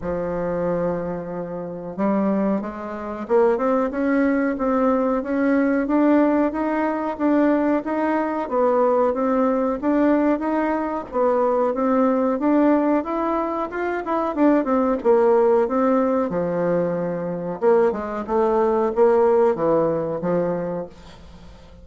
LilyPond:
\new Staff \with { instrumentName = "bassoon" } { \time 4/4 \tempo 4 = 92 f2. g4 | gis4 ais8 c'8 cis'4 c'4 | cis'4 d'4 dis'4 d'4 | dis'4 b4 c'4 d'4 |
dis'4 b4 c'4 d'4 | e'4 f'8 e'8 d'8 c'8 ais4 | c'4 f2 ais8 gis8 | a4 ais4 e4 f4 | }